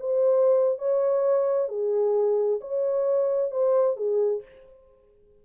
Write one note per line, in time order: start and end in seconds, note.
0.00 0.79 C5
0.79 1.69 C#5
1.69 2.60 G#4
2.61 3.51 C#5
3.51 3.96 C5
3.96 4.42 G#4